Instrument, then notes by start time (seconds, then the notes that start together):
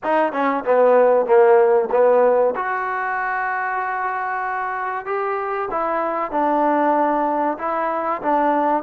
trombone
0.03 D#4
0.32 C#4
0.64 B3
1.26 A#3
1.91 B3
2.55 F#4
5.05 G4
5.70 E4
6.31 D4
7.58 E4
8.21 D4